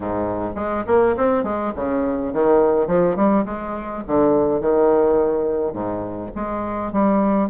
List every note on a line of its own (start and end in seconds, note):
0.00 0.55 G#2
0.55 0.84 G#3
0.87 1.15 A#3
1.17 1.43 C4
1.43 1.72 G#3
1.75 2.33 C#3
2.33 2.87 D#3
2.87 3.16 F3
3.16 3.45 G3
3.45 4.03 G#3
4.07 4.60 D3
4.60 5.73 D#3
5.73 6.30 G#2
6.35 6.92 G#3
6.92 7.49 G3